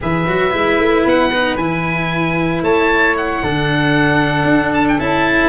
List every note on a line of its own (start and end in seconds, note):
0.01 0.27 E3
0.01 0.27 G#4
0.01 2.64 B4
0.01 1.07 E5
0.27 0.53 F#3
0.27 0.51 F#4
0.51 0.78 G#3
0.51 1.30 E4
0.78 1.04 A3
1.05 1.57 B3
1.05 1.56 F#5
1.32 1.59 D#4
1.56 2.62 E3
1.56 3.43 E4
1.56 2.62 G#5
2.62 3.41 A3
2.62 3.42 C#5
2.62 3.16 A5
3.16 4.73 F#5
3.42 4.44 D3
3.42 4.99 D4
3.42 5.49 A4
4.44 4.97 D4
4.73 4.86 A5
4.88 4.99 G5
4.99 5.49 C#4
4.99 5.49 E4
4.99 5.49 A5